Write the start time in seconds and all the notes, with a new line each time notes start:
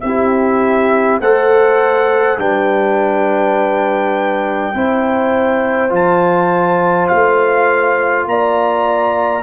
0.00 C4 E4 G4 E5
1.20 A3 A4 C5 F#5
2.38 G3 D4 B4 G5
4.74 C4 E4 C5
5.89 F3 F4 A5
7.08 A3 F5
8.26 A#3 D5 A#5